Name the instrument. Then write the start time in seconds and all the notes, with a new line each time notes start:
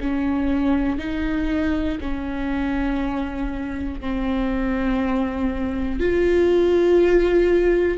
viola
0.00 C#4
0.98 D#4
2.00 C#4
4.00 C4
5.99 F4